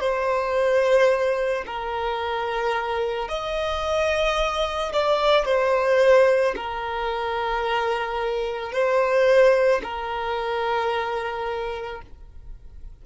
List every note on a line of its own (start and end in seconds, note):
0.00 1.64 C5
1.66 3.28 A#4
3.28 4.92 D#5
4.92 5.45 D5
5.45 6.54 C5
6.56 8.72 A#4
8.72 9.81 C5
9.83 12.01 A#4